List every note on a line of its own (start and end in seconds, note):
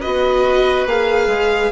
0.00 0.86 B3
0.00 0.88 F#4
0.00 1.71 B4
0.00 0.87 D#5
0.86 1.27 A#3
0.86 1.72 G#4
0.86 1.72 F5
1.27 1.70 G#3